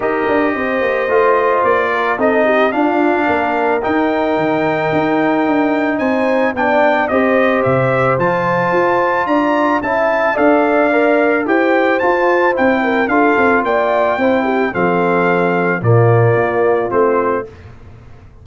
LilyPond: <<
  \new Staff \with { instrumentName = "trumpet" } { \time 4/4 \tempo 4 = 110 dis''2. d''4 | dis''4 f''2 g''4~ | g''2. gis''4 | g''4 dis''4 e''4 a''4~ |
a''4 ais''4 a''4 f''4~ | f''4 g''4 a''4 g''4 | f''4 g''2 f''4~ | f''4 d''2 c''4 | }
  \new Staff \with { instrumentName = "horn" } { \time 4/4 ais'4 c''2~ c''8 ais'8 | a'8 g'8 f'4 ais'2~ | ais'2. c''4 | d''4 c''2.~ |
c''4 d''4 e''4 d''4~ | d''4 c''2~ c''8 ais'8 | a'4 d''4 c''8 g'8 a'4~ | a'4 f'2. | }
  \new Staff \with { instrumentName = "trombone" } { \time 4/4 g'2 f'2 | dis'4 d'2 dis'4~ | dis'1 | d'4 g'2 f'4~ |
f'2 e'4 a'4 | ais'4 g'4 f'4 e'4 | f'2 e'4 c'4~ | c'4 ais2 c'4 | }
  \new Staff \with { instrumentName = "tuba" } { \time 4/4 dis'8 d'8 c'8 ais8 a4 ais4 | c'4 d'4 ais4 dis'4 | dis4 dis'4 d'4 c'4 | b4 c'4 c4 f4 |
f'4 d'4 cis'4 d'4~ | d'4 e'4 f'4 c'4 | d'8 c'8 ais4 c'4 f4~ | f4 ais,4 ais4 a4 | }
>>